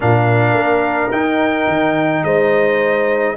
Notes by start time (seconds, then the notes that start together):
0.00 A#2 D4 A#4 F5
0.53 A#3
1.11 D#4 G5
1.67 D#3
2.23 G#3 C5 D#5